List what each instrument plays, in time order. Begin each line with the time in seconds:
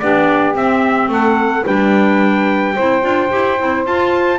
0.00 double bass B3, clarinet D4, saxophone G4, trumpet D5
0.55 clarinet C4, double bass C4, trumpet E5
1.09 double bass A3, saxophone A4, trumpet F#5
1.65 double bass G3, clarinet D4, saxophone B4, trumpet G5
2.75 double bass C4, clarinet E4, saxophone C5
3.02 double bass D4, clarinet F4
3.30 double bass E4, clarinet G4
3.59 double bass C4, clarinet E4
3.87 clarinet F4, double bass F4, trumpet A5